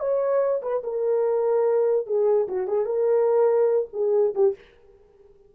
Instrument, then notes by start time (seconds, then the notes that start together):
horn
0.00 C#5
0.62 B4
0.84 A#4
2.07 G#4
2.48 F#4
2.68 G#4
2.86 A#4
3.93 G#4
4.35 G4